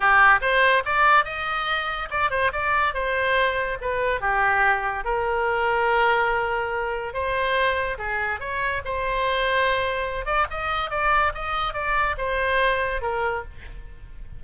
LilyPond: \new Staff \with { instrumentName = "oboe" } { \time 4/4 \tempo 4 = 143 g'4 c''4 d''4 dis''4~ | dis''4 d''8 c''8 d''4 c''4~ | c''4 b'4 g'2 | ais'1~ |
ais'4 c''2 gis'4 | cis''4 c''2.~ | c''8 d''8 dis''4 d''4 dis''4 | d''4 c''2 ais'4 | }